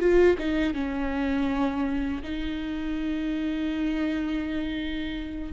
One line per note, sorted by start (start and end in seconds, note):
0.00 0.37 F4
0.38 0.74 D#4
0.74 2.23 C#4
2.23 5.53 D#4